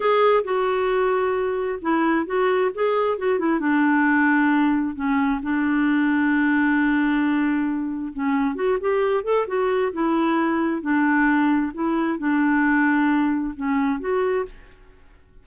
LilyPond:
\new Staff \with { instrumentName = "clarinet" } { \time 4/4 \tempo 4 = 133 gis'4 fis'2. | e'4 fis'4 gis'4 fis'8 e'8 | d'2. cis'4 | d'1~ |
d'2 cis'4 fis'8 g'8~ | g'8 a'8 fis'4 e'2 | d'2 e'4 d'4~ | d'2 cis'4 fis'4 | }